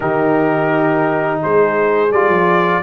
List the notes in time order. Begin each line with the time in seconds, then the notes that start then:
0.00 D#3 D#4 G4 A#4
1.42 G#3 G#4 C5
2.12 G3 F4 D5
2.29 F3